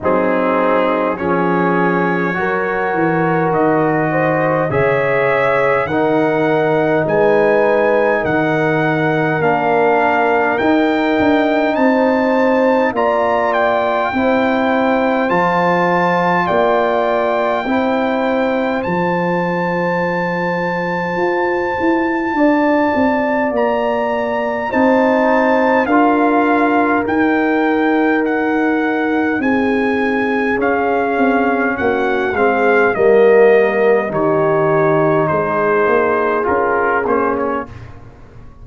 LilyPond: <<
  \new Staff \with { instrumentName = "trumpet" } { \time 4/4 \tempo 4 = 51 gis'4 cis''2 dis''4 | e''4 fis''4 gis''4 fis''4 | f''4 g''4 a''4 ais''8 g''8~ | g''4 a''4 g''2 |
a''1 | ais''4 a''4 f''4 g''4 | fis''4 gis''4 f''4 fis''8 f''8 | dis''4 cis''4 c''4 ais'8 c''16 cis''16 | }
  \new Staff \with { instrumentName = "horn" } { \time 4/4 dis'4 gis'4 ais'4. c''8 | cis''4 ais'4 b'4 ais'4~ | ais'2 c''4 d''4 | c''2 d''4 c''4~ |
c''2. d''4~ | d''4 c''4 ais'2~ | ais'4 gis'2 fis'8 gis'8 | ais'4 g'4 gis'2 | }
  \new Staff \with { instrumentName = "trombone" } { \time 4/4 c'4 cis'4 fis'2 | gis'4 dis'2. | d'4 dis'2 f'4 | e'4 f'2 e'4 |
f'1~ | f'4 dis'4 f'4 dis'4~ | dis'2 cis'4. c'8 | ais4 dis'2 f'8 cis'8 | }
  \new Staff \with { instrumentName = "tuba" } { \time 4/4 fis4 f4 fis8 e8 dis4 | cis4 dis4 gis4 dis4 | ais4 dis'8 d'8 c'4 ais4 | c'4 f4 ais4 c'4 |
f2 f'8 e'8 d'8 c'8 | ais4 c'4 d'4 dis'4~ | dis'4 c'4 cis'8 c'8 ais8 gis8 | g4 dis4 gis8 ais8 cis'8 ais8 | }
>>